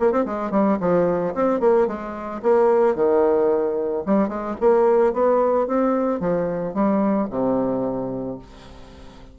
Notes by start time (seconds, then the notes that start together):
0.00 A#3
0.12 C4
0.26 G#3
0.51 G3
0.80 F3
1.35 C4
1.60 A#3
1.87 G#3
2.43 A#3
2.96 D#3
4.06 G3
4.29 G#3
4.61 A#3
5.13 B3
5.67 C4
6.20 F3
6.74 G3
7.30 C3